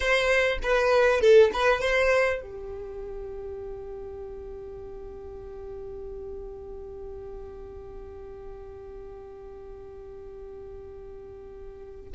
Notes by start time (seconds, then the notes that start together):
0.00 C5
0.62 B4
1.20 A4
1.53 B4
1.80 C5
2.41 G4